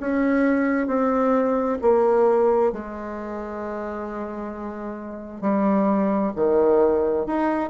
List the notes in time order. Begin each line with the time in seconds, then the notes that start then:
0.00 C#4
0.87 C4
1.82 A#3
2.72 G#3
5.41 G3
6.36 D#3
7.26 D#4